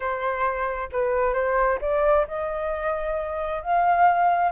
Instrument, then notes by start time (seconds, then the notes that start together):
flute
0.00 C5
0.91 B4
1.33 C5
1.81 D5
2.27 D#5
3.62 F5